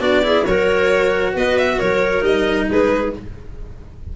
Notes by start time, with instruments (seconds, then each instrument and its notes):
0.00 tuba B3, cello D4, clarinet F#4, violin D5
0.24 cello E4, clarinet G#4
0.46 tuba F#3, cello F#4, clarinet A#4, violin C#5
1.34 tuba B3, clarinet B4, violin D#5
1.59 violin E5
1.78 tuba F#3, clarinet A#4, violin C#5
2.21 tuba G3, cello D#4, violin D#5
2.69 tuba G#3, clarinet G#4, violin B4